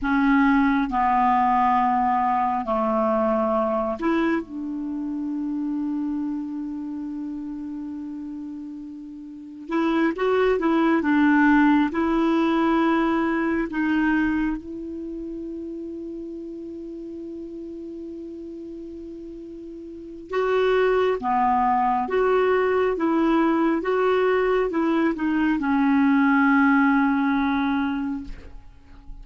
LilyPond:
\new Staff \with { instrumentName = "clarinet" } { \time 4/4 \tempo 4 = 68 cis'4 b2 a4~ | a8 e'8 d'2.~ | d'2. e'8 fis'8 | e'8 d'4 e'2 dis'8~ |
dis'8 e'2.~ e'8~ | e'2. fis'4 | b4 fis'4 e'4 fis'4 | e'8 dis'8 cis'2. | }